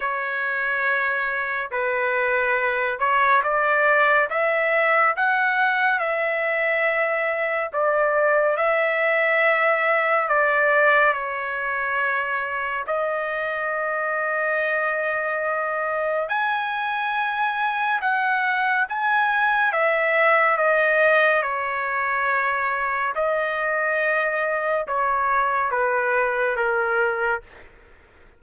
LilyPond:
\new Staff \with { instrumentName = "trumpet" } { \time 4/4 \tempo 4 = 70 cis''2 b'4. cis''8 | d''4 e''4 fis''4 e''4~ | e''4 d''4 e''2 | d''4 cis''2 dis''4~ |
dis''2. gis''4~ | gis''4 fis''4 gis''4 e''4 | dis''4 cis''2 dis''4~ | dis''4 cis''4 b'4 ais'4 | }